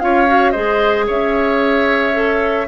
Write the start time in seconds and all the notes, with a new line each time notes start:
0.00 C#4 F4 C#5 F5
0.27 F#4
0.51 G#3 G#4 C5 D#5
1.07 C#4 C#5 E5
2.14 A4